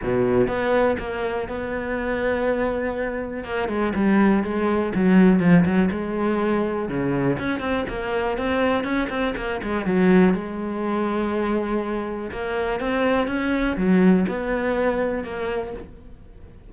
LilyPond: \new Staff \with { instrumentName = "cello" } { \time 4/4 \tempo 4 = 122 b,4 b4 ais4 b4~ | b2. ais8 gis8 | g4 gis4 fis4 f8 fis8 | gis2 cis4 cis'8 c'8 |
ais4 c'4 cis'8 c'8 ais8 gis8 | fis4 gis2.~ | gis4 ais4 c'4 cis'4 | fis4 b2 ais4 | }